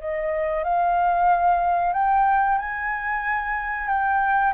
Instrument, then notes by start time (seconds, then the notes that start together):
flute
0.00 D#5
0.64 F5
1.93 G5
2.58 G#5
3.88 G5